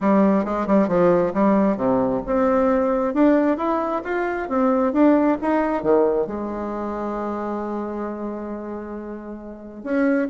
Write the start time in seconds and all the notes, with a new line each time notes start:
0.01 G3
0.44 G#3
0.67 G3
0.88 F3
1.33 G3
1.76 C3
2.26 C4
3.13 D4
3.57 E4
4.04 F4
4.48 C4
4.93 D4
5.41 D#4
5.82 D#3
6.26 G#3
9.83 C#4